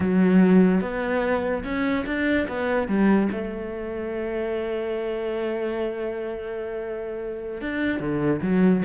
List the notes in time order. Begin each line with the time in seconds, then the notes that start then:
0.00 F#3
0.81 B3
1.63 C#4
2.05 D4
2.48 B3
2.87 G3
3.31 A3
7.61 D4
8.00 D3
8.42 F#3